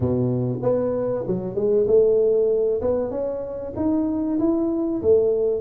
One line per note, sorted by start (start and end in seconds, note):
0.00 0.59 B2
0.62 1.25 B3
1.27 1.55 F#3
1.55 1.86 G#3
1.87 2.81 A3
2.81 3.11 B3
3.11 3.73 C#4
3.76 4.38 D#4
4.39 5.01 E4
5.01 5.61 A3